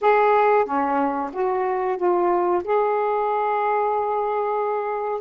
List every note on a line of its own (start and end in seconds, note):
0.01 0.65 G#4
0.65 1.30 C#4
1.32 1.97 F#4
1.97 2.62 F4
2.64 5.21 G#4